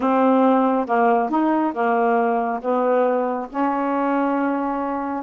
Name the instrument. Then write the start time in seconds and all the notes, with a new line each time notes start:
saxophone
0.00 C4
0.86 A#3
1.29 D#4
1.73 A#3
2.61 B3
3.49 C#4